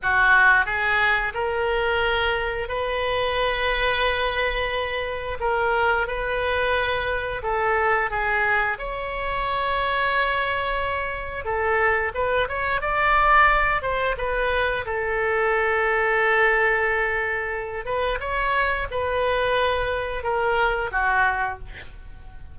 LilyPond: \new Staff \with { instrumentName = "oboe" } { \time 4/4 \tempo 4 = 89 fis'4 gis'4 ais'2 | b'1 | ais'4 b'2 a'4 | gis'4 cis''2.~ |
cis''4 a'4 b'8 cis''8 d''4~ | d''8 c''8 b'4 a'2~ | a'2~ a'8 b'8 cis''4 | b'2 ais'4 fis'4 | }